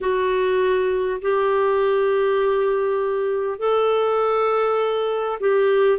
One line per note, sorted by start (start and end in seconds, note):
0.00 1.20 F#4
1.21 3.58 G4
3.58 5.38 A4
5.40 5.98 G4